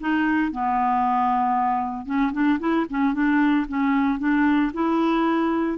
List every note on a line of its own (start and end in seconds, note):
0.00 0.52 D#4
0.52 2.06 B3
2.06 2.32 C#4
2.33 2.59 D4
2.59 2.86 E4
2.90 3.13 C#4
3.13 3.66 D4
3.68 4.19 C#4
4.19 4.72 D4
4.73 5.78 E4